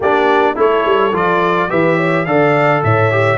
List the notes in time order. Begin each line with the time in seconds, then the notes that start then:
0.00 A#3 D4 G4 D5
0.55 A3 E4 A4 C#5
0.85 G3
1.12 F3 F4 D5
1.69 E3 G4 B4 E5
1.97 C#5
2.25 D3 A4 D5 F5
2.83 A2 C#5 E5
3.11 G4